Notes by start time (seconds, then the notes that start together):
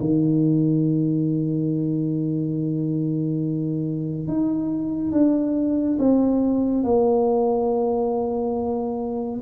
0.00 D#3
4.28 D#4
5.12 D4
5.99 C4
6.84 A#3